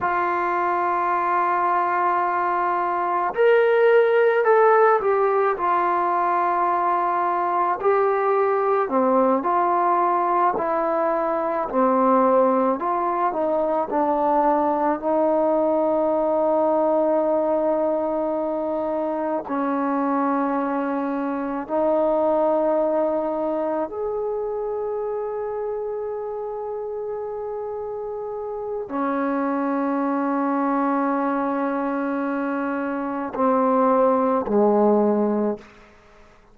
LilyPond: \new Staff \with { instrumentName = "trombone" } { \time 4/4 \tempo 4 = 54 f'2. ais'4 | a'8 g'8 f'2 g'4 | c'8 f'4 e'4 c'4 f'8 | dis'8 d'4 dis'2~ dis'8~ |
dis'4. cis'2 dis'8~ | dis'4. gis'2~ gis'8~ | gis'2 cis'2~ | cis'2 c'4 gis4 | }